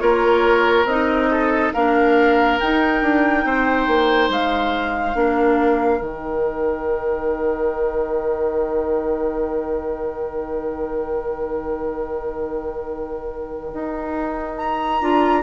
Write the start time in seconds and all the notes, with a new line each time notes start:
0.00 A#3 F4 A#4 C#5
0.85 C4 D#4 D#5
1.31 A4
1.74 A#3 D4 A#4 F5
2.60 D#4 G5
3.03 D4
3.45 C4 C5
3.88 A#3
4.30 G#3 F5
5.15 A#3 D4 A#4
6.01 D#3 D#4 G5
13.74 D#4
14.58 A#5
15.02 D4 F4